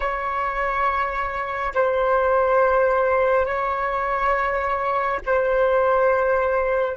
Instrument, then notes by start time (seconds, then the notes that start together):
flute
0.00 C#5
1.74 C5
3.45 C#5
5.26 C5